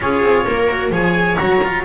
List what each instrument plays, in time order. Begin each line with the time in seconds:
0.00 double bass C#4, cello F4, viola G#4, trumpet C#5
0.22 double bass C4
0.46 double bass A#3, viola A#4
0.70 cello F#4
0.91 double bass F3, cello G#4, viola C#5, trumpet G#5
1.36 double bass F#3, cello F#4, trumpet A#5
1.63 cello F4